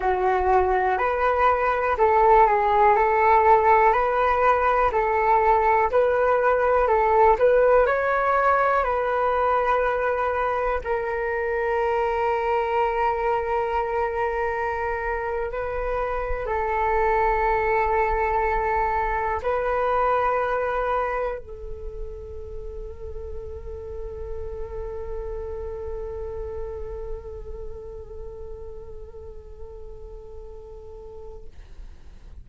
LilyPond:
\new Staff \with { instrumentName = "flute" } { \time 4/4 \tempo 4 = 61 fis'4 b'4 a'8 gis'8 a'4 | b'4 a'4 b'4 a'8 b'8 | cis''4 b'2 ais'4~ | ais'2.~ ais'8. b'16~ |
b'8. a'2. b'16~ | b'4.~ b'16 a'2~ a'16~ | a'1~ | a'1 | }